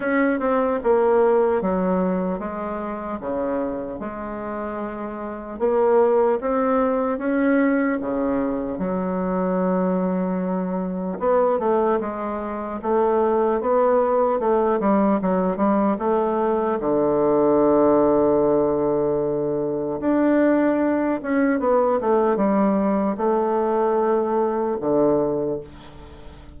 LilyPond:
\new Staff \with { instrumentName = "bassoon" } { \time 4/4 \tempo 4 = 75 cis'8 c'8 ais4 fis4 gis4 | cis4 gis2 ais4 | c'4 cis'4 cis4 fis4~ | fis2 b8 a8 gis4 |
a4 b4 a8 g8 fis8 g8 | a4 d2.~ | d4 d'4. cis'8 b8 a8 | g4 a2 d4 | }